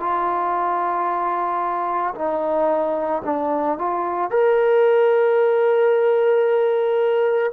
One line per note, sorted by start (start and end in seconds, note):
0.00 2.14 F4
2.15 3.22 D#4
3.25 3.78 D4
3.78 4.31 F4
4.31 7.52 A#4